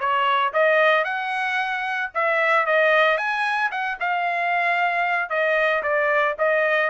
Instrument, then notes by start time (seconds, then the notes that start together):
trumpet
0.00 C#5
0.54 D#5
1.05 F#5
2.15 E5
2.67 D#5
3.18 G#5
3.71 F#5
4.01 F5
5.30 D#5
5.83 D5
6.39 D#5